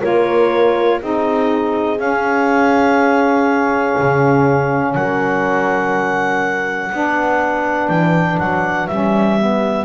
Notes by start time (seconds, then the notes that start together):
0.00 A#3 F4 A#4 C#5
1.01 C4 D#4 G#4 D#5
1.96 C#4 F5
3.99 C#3
4.94 F#3 A#4 F#5
6.92 B3 D4 B4
7.88 E3 G5
8.39 F#3 F#5
8.87 G3 C#4 E5
9.39 B3